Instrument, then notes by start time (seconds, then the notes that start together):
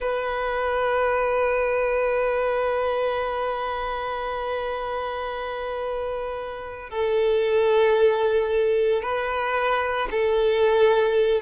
violin
0.00 B4
6.90 A4
9.02 B4
10.11 A4